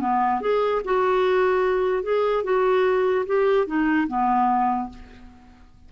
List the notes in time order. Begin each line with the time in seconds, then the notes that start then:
0.00 B3
0.41 G#4
0.84 F#4
2.03 G#4
2.44 F#4
3.26 G4
3.67 D#4
4.08 B3